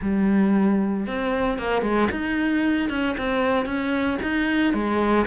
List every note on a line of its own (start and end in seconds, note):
0.01 1.06 G3
1.06 1.58 C4
1.58 1.82 A#3
1.82 2.08 G#3
2.11 2.89 D#4
2.89 3.16 C#4
3.17 3.65 C4
3.65 4.18 C#4
4.22 4.73 D#4
4.73 5.26 G#3